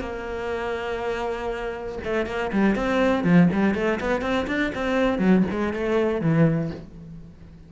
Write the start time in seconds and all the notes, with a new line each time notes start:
0.00 A#3
2.04 A3
2.26 A#3
2.52 G3
2.75 C4
3.23 F3
3.52 G3
3.74 A3
4.00 B3
4.21 C4
4.47 D4
4.74 C4
5.18 F#3
5.51 G#3
5.73 A3
6.21 E3